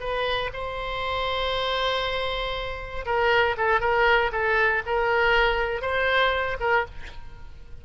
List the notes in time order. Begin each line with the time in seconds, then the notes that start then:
0.00 B4
0.53 C5
3.06 A#4
3.57 A4
3.81 A#4
4.32 A4
4.86 A#4
5.82 C5
6.60 A#4